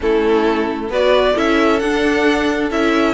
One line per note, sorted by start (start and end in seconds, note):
0.00 0.89 A3
0.00 0.89 C#4
0.00 0.90 E4
0.00 0.92 A4
0.89 1.34 B3
0.89 1.34 F#4
0.89 1.35 B4
0.89 1.37 D5
1.34 1.81 C#4
1.34 1.80 E4
1.34 3.14 A4
1.34 1.79 E5
1.79 2.70 D4
1.79 2.69 F#5
2.70 3.14 C#4
2.70 3.14 E4
2.70 3.14 E5